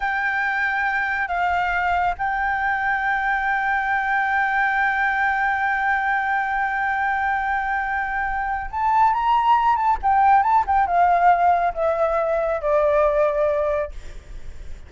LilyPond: \new Staff \with { instrumentName = "flute" } { \time 4/4 \tempo 4 = 138 g''2. f''4~ | f''4 g''2.~ | g''1~ | g''1~ |
g''1 | a''4 ais''4. a''8 g''4 | a''8 g''8 f''2 e''4~ | e''4 d''2. | }